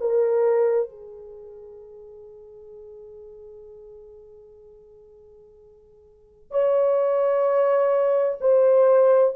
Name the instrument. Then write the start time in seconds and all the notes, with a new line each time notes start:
horn
0.00 A#4
0.89 G#4
6.51 C#5
8.40 C5